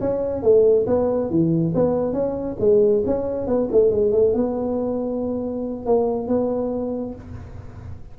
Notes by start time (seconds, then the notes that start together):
0.00 C#4
0.42 A3
0.86 B3
1.30 E3
1.74 B3
2.13 C#4
2.59 G#3
3.05 C#4
3.47 B3
3.72 A3
3.91 G#3
4.12 A3
4.34 B3
5.86 A#3
6.27 B3